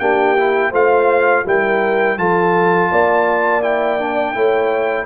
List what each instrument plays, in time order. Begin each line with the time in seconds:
0.00 tuba A#3, trombone D4, horn G4, trumpet G5
0.38 trombone E4
0.71 tuba A3, trombone F4, horn C5, trumpet F5
1.46 tuba G3, trombone E4, horn A#4, trumpet G5
2.17 tuba F3, trombone F4, horn A4, trumpet A5
2.91 tuba A#3, horn D5
3.63 trombone E4, trumpet G5
3.99 trombone D4
4.34 tuba A3, trombone E4, horn C#5